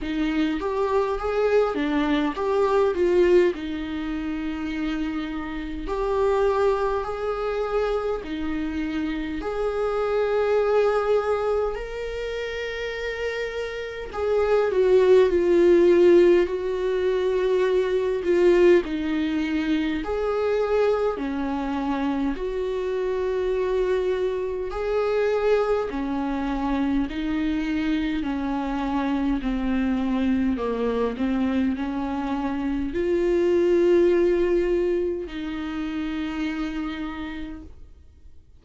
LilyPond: \new Staff \with { instrumentName = "viola" } { \time 4/4 \tempo 4 = 51 dis'8 g'8 gis'8 d'8 g'8 f'8 dis'4~ | dis'4 g'4 gis'4 dis'4 | gis'2 ais'2 | gis'8 fis'8 f'4 fis'4. f'8 |
dis'4 gis'4 cis'4 fis'4~ | fis'4 gis'4 cis'4 dis'4 | cis'4 c'4 ais8 c'8 cis'4 | f'2 dis'2 | }